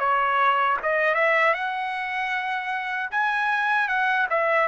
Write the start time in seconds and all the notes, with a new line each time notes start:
0.00 C#5
0.83 D#5
1.15 E5
1.54 F#5
3.12 G#5
3.89 F#5
4.30 E5